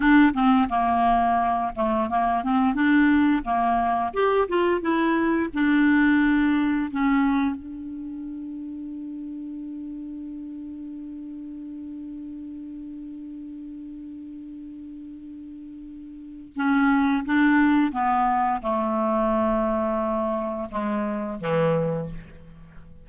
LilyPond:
\new Staff \with { instrumentName = "clarinet" } { \time 4/4 \tempo 4 = 87 d'8 c'8 ais4. a8 ais8 c'8 | d'4 ais4 g'8 f'8 e'4 | d'2 cis'4 d'4~ | d'1~ |
d'1~ | d'1 | cis'4 d'4 b4 a4~ | a2 gis4 e4 | }